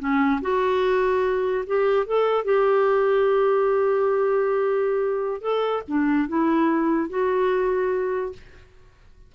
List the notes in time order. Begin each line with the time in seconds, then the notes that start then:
0.00 C#4
0.42 F#4
1.67 G4
2.07 A4
2.45 G4
5.42 A4
5.88 D4
6.29 E4
7.10 F#4